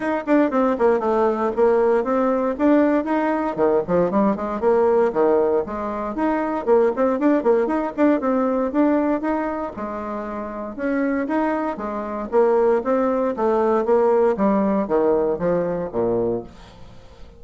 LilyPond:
\new Staff \with { instrumentName = "bassoon" } { \time 4/4 \tempo 4 = 117 dis'8 d'8 c'8 ais8 a4 ais4 | c'4 d'4 dis'4 dis8 f8 | g8 gis8 ais4 dis4 gis4 | dis'4 ais8 c'8 d'8 ais8 dis'8 d'8 |
c'4 d'4 dis'4 gis4~ | gis4 cis'4 dis'4 gis4 | ais4 c'4 a4 ais4 | g4 dis4 f4 ais,4 | }